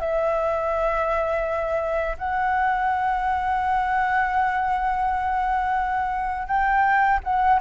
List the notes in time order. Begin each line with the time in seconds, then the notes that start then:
0.00 E5
2.18 F#5
6.48 G5
7.24 F#5